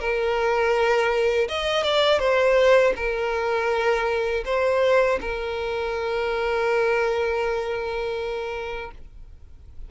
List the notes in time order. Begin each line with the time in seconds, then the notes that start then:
0.00 A#4
1.48 D#5
1.83 D5
2.20 C5
2.96 A#4
4.45 C5
5.21 A#4